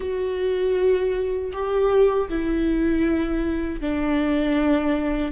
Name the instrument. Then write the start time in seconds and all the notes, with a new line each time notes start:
viola
0.00 F#4
1.53 G4
2.29 E4
3.80 D4